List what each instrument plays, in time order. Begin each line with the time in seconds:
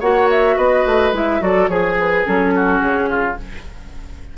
0.00 bassoon A#3, clarinet F#4, oboe C#5, flute F#5
0.30 flute E5
0.57 bassoon B3, oboe B4, flute D#5
0.86 bassoon A3
1.12 bassoon G#3, clarinet E4, flute E5
1.41 bassoon F#3, clarinet F#4, oboe A4, flute D5
1.68 bassoon F3, oboe G#4, clarinet G#4, flute C#5
2.00 flute B4
2.25 bassoon F#3, clarinet C#4, flute A4
2.55 oboe F#4
2.80 bassoon C#3, flute G#4
3.10 oboe F4